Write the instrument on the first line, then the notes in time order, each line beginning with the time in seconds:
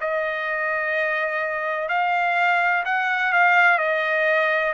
trumpet
0.00 D#5
1.88 F5
2.85 F#5
3.32 F5
3.78 D#5